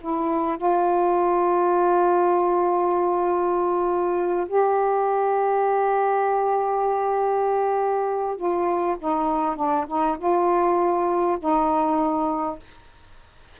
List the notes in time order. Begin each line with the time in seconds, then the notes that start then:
0.00 E4
0.57 F4
4.48 G4
8.36 F4
8.99 D#4
9.56 D4
9.87 D#4
10.18 F4
11.39 D#4